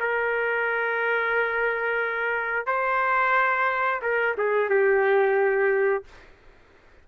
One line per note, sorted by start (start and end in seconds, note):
0.00 2.67 A#4
2.67 4.01 C5
4.02 4.36 A#4
4.38 4.70 G#4
4.70 6.05 G4